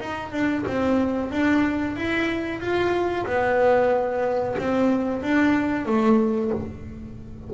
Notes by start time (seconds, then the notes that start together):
0.00 D#4
0.32 D4
0.66 C4
1.31 D4
1.96 E4
2.60 F4
3.25 B3
4.58 C4
5.23 D4
5.85 A3